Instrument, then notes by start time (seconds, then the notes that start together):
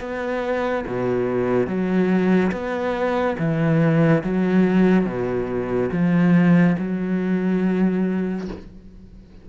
cello
0.00 B3
0.87 B2
1.67 F#3
2.52 B3
3.38 E3
4.23 F#3
5.05 B2
5.92 F3
6.79 F#3